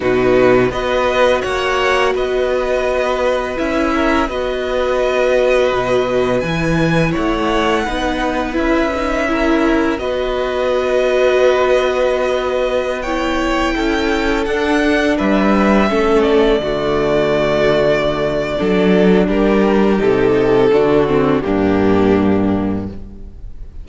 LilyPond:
<<
  \new Staff \with { instrumentName = "violin" } { \time 4/4 \tempo 4 = 84 b'4 dis''4 fis''4 dis''4~ | dis''4 e''4 dis''2~ | dis''4 gis''4 fis''2 | e''2 dis''2~ |
dis''2~ dis''16 g''4.~ g''16~ | g''16 fis''4 e''4. d''4~ d''16~ | d''2. ais'4 | a'2 g'2 | }
  \new Staff \with { instrumentName = "violin" } { \time 4/4 fis'4 b'4 cis''4 b'4~ | b'4. ais'8 b'2~ | b'2 cis''4 b'4~ | b'4 ais'4 b'2~ |
b'2~ b'16 cis''4 a'8.~ | a'4~ a'16 b'4 a'4 fis'8.~ | fis'2 a'4 g'4~ | g'4 fis'4 d'2 | }
  \new Staff \with { instrumentName = "viola" } { \time 4/4 dis'4 fis'2.~ | fis'4 e'4 fis'2~ | fis'4 e'2 dis'4 | e'8 dis'8 e'4 fis'2~ |
fis'2~ fis'16 e'4.~ e'16~ | e'16 d'2 cis'4 a8.~ | a2 d'2 | dis'4 d'8 c'8 ais2 | }
  \new Staff \with { instrumentName = "cello" } { \time 4/4 b,4 b4 ais4 b4~ | b4 cis'4 b2 | b,4 e4 a4 b4 | cis'2 b2~ |
b2.~ b16 cis'8.~ | cis'16 d'4 g4 a4 d8.~ | d2 fis4 g4 | c4 d4 g,2 | }
>>